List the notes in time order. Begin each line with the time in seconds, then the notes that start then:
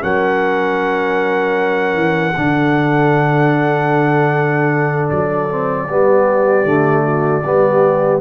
0.00 F#3 C#4 A#4 F#5
1.95 E3
2.37 D3 D4 A4
5.10 F#3 D5
5.49 C4
5.89 G3 B3 G4
6.65 D3 A3
7.04 F#4
7.45 G3 B3 G4